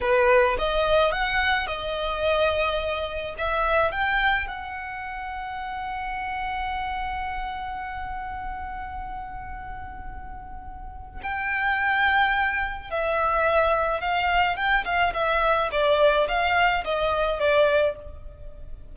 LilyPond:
\new Staff \with { instrumentName = "violin" } { \time 4/4 \tempo 4 = 107 b'4 dis''4 fis''4 dis''4~ | dis''2 e''4 g''4 | fis''1~ | fis''1~ |
fis''1 | g''2. e''4~ | e''4 f''4 g''8 f''8 e''4 | d''4 f''4 dis''4 d''4 | }